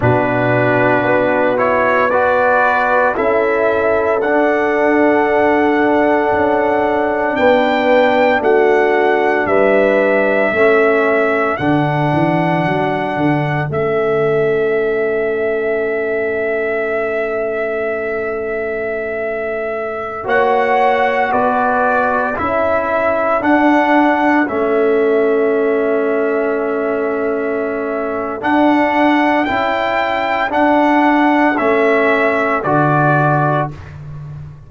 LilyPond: <<
  \new Staff \with { instrumentName = "trumpet" } { \time 4/4 \tempo 4 = 57 b'4. cis''8 d''4 e''4 | fis''2. g''4 | fis''4 e''2 fis''4~ | fis''4 e''2.~ |
e''2.~ e''16 fis''8.~ | fis''16 d''4 e''4 fis''4 e''8.~ | e''2. fis''4 | g''4 fis''4 e''4 d''4 | }
  \new Staff \with { instrumentName = "horn" } { \time 4/4 fis'2 b'4 a'4~ | a'2. b'4 | fis'4 b'4 a'2~ | a'1~ |
a'2.~ a'16 cis''8.~ | cis''16 b'4 a'2~ a'8.~ | a'1~ | a'1 | }
  \new Staff \with { instrumentName = "trombone" } { \time 4/4 d'4. e'8 fis'4 e'4 | d'1~ | d'2 cis'4 d'4~ | d'4 cis'2.~ |
cis'2.~ cis'16 fis'8.~ | fis'4~ fis'16 e'4 d'4 cis'8.~ | cis'2. d'4 | e'4 d'4 cis'4 fis'4 | }
  \new Staff \with { instrumentName = "tuba" } { \time 4/4 b,4 b2 cis'4 | d'2 cis'4 b4 | a4 g4 a4 d8 e8 | fis8 d8 a2.~ |
a2.~ a16 ais8.~ | ais16 b4 cis'4 d'4 a8.~ | a2. d'4 | cis'4 d'4 a4 d4 | }
>>